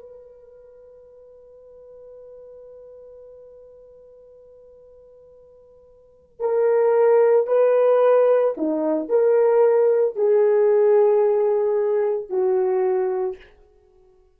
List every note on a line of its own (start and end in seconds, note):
0.00 6.40 B4
6.40 7.47 A#4
7.47 8.54 B4
8.57 9.10 D#4
9.10 10.16 A#4
10.16 12.30 G#4
12.30 13.37 F#4